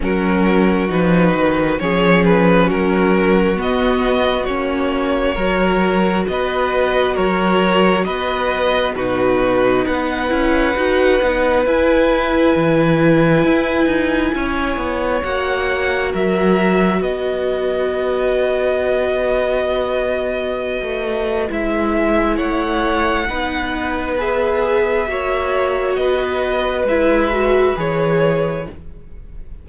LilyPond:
<<
  \new Staff \with { instrumentName = "violin" } { \time 4/4 \tempo 4 = 67 ais'4 b'4 cis''8 b'8 ais'4 | dis''4 cis''2 dis''4 | cis''4 dis''4 b'4 fis''4~ | fis''4 gis''2.~ |
gis''4 fis''4 e''4 dis''4~ | dis''1 | e''4 fis''2 e''4~ | e''4 dis''4 e''4 cis''4 | }
  \new Staff \with { instrumentName = "violin" } { \time 4/4 fis'2 gis'4 fis'4~ | fis'2 ais'4 b'4 | ais'4 b'4 fis'4 b'4~ | b'1 |
cis''2 ais'4 b'4~ | b'1~ | b'4 cis''4 b'2 | cis''4 b'2. | }
  \new Staff \with { instrumentName = "viola" } { \time 4/4 cis'4 dis'4 cis'2 | b4 cis'4 fis'2~ | fis'2 dis'4. e'8 | fis'8 dis'8 e'2.~ |
e'4 fis'2.~ | fis'1 | e'2 dis'4 gis'4 | fis'2 e'8 fis'8 gis'4 | }
  \new Staff \with { instrumentName = "cello" } { \time 4/4 fis4 f8 dis8 f4 fis4 | b4 ais4 fis4 b4 | fis4 b4 b,4 b8 cis'8 | dis'8 b8 e'4 e4 e'8 dis'8 |
cis'8 b8 ais4 fis4 b4~ | b2.~ b16 a8. | gis4 a4 b2 | ais4 b4 gis4 e4 | }
>>